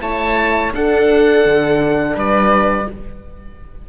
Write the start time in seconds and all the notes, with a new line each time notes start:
0.00 A3 E4 C#5 A5
0.72 D4 A4 F#5
1.45 D3
2.14 G3 B4 D5